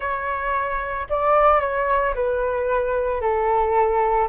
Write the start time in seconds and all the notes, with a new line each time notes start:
0.00 C#5
1.09 D5
1.60 C#5
2.14 B4
3.21 A4